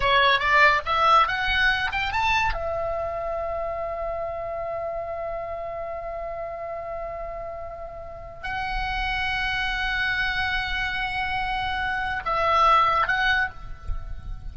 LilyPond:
\new Staff \with { instrumentName = "oboe" } { \time 4/4 \tempo 4 = 142 cis''4 d''4 e''4 fis''4~ | fis''8 g''8 a''4 e''2~ | e''1~ | e''1~ |
e''1 | fis''1~ | fis''1~ | fis''4 e''2 fis''4 | }